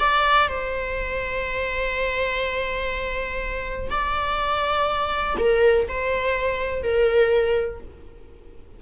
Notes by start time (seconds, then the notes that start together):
0.00 D5
0.49 C5
3.91 D5
5.39 A#4
5.89 C5
6.83 A#4